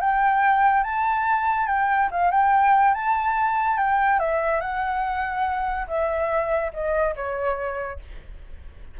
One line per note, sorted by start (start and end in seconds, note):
0.00 0.83 G5
0.83 1.67 A5
1.67 2.09 G5
2.11 2.31 F5
2.31 2.94 G5
2.94 3.77 A5
3.77 4.19 G5
4.19 4.60 E5
4.60 5.86 F#5
5.87 6.71 E5
6.73 7.15 D#5
7.15 7.99 C#5